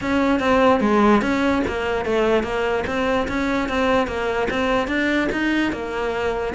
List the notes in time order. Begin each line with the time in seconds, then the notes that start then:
0.01 C#4
0.39 C4
0.80 G#3
1.21 C#4
1.67 A#3
2.05 A3
2.43 A#3
2.86 C4
3.28 C#4
3.68 C4
4.07 A#3
4.50 C4
4.87 D4
5.32 D#4
5.72 A#3